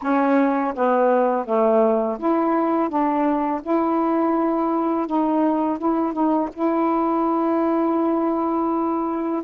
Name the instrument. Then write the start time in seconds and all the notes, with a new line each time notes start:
saxophone
0.02 C#4
0.75 B3
1.45 A3
2.19 E4
2.89 D4
3.62 E4
5.06 D#4
5.78 E4
6.12 D#4
6.53 E4